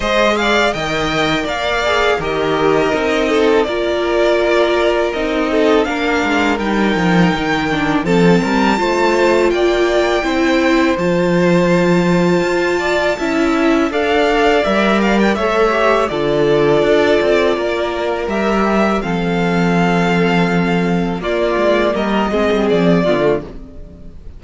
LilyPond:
<<
  \new Staff \with { instrumentName = "violin" } { \time 4/4 \tempo 4 = 82 dis''8 f''8 g''4 f''4 dis''4~ | dis''4 d''2 dis''4 | f''4 g''2 a''4~ | a''4 g''2 a''4~ |
a''2. f''4 | e''8 f''16 g''16 e''4 d''2~ | d''4 e''4 f''2~ | f''4 d''4 dis''4 d''4 | }
  \new Staff \with { instrumentName = "violin" } { \time 4/4 c''8 d''8 dis''4 d''4 ais'4~ | ais'8 a'8 ais'2~ ais'8 a'8 | ais'2. a'8 ais'8 | c''4 d''4 c''2~ |
c''4. d''8 e''4 d''4~ | d''4 cis''4 a'2 | ais'2 a'2~ | a'4 f'4 ais'8 gis'4 f'8 | }
  \new Staff \with { instrumentName = "viola" } { \time 4/4 gis'4 ais'4. gis'8 g'4 | dis'4 f'2 dis'4 | d'4 dis'4. d'8 c'4 | f'2 e'4 f'4~ |
f'2 e'4 a'4 | ais'4 a'8 g'8 f'2~ | f'4 g'4 c'2~ | c'4 ais4. c'4 b16 a16 | }
  \new Staff \with { instrumentName = "cello" } { \time 4/4 gis4 dis4 ais4 dis4 | c'4 ais2 c'4 | ais8 gis8 g8 f8 dis4 f8 g8 | a4 ais4 c'4 f4~ |
f4 f'4 cis'4 d'4 | g4 a4 d4 d'8 c'8 | ais4 g4 f2~ | f4 ais8 gis8 g8 gis16 g16 f8 d8 | }
>>